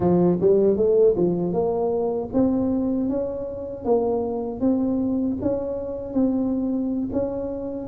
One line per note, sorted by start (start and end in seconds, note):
0.00 0.38 F3
0.41 0.76 G3
0.76 1.15 A3
1.16 1.52 F3
1.52 2.29 A#3
2.33 3.09 C4
3.09 3.85 C#4
3.85 4.60 A#3
4.60 5.37 C4
5.41 6.13 C#4
6.13 7.09 C4
7.12 7.87 C#4